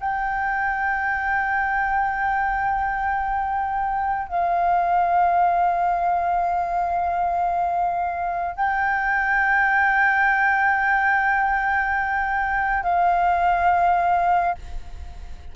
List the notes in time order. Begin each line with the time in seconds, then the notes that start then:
0.00 G5
4.28 F5
8.56 G5
12.83 F5